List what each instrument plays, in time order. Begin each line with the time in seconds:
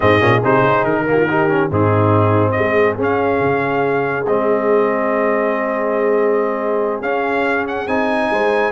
0.00 tuba G#2, trombone C4, horn G#4, trumpet D#5
0.20 tuba A#2, trombone C#4
0.43 tuba C3, trombone D#4, trumpet C5
0.61 tuba C#3
0.84 tuba D#3, trumpet A#4
1.06 trombone A#3, horn G4
1.17 horn F4
1.28 trombone D#4, horn G4
1.48 trombone C#4
1.70 tuba G#2, trombone C4, horn D#4, trumpet G#4
2.51 horn G#4, trumpet D#5
2.58 tuba G#3
2.96 tuba C#4, trombone C#4, trumpet F5
3.40 tuba C#3
4.26 tuba G#3, trombone C4, trumpet D#5
7.01 tuba C#4, trombone C#4, trumpet F5
7.67 trumpet F#5
7.86 tuba C4, trombone D#4, trumpet G#5
8.30 tuba G#3, horn C5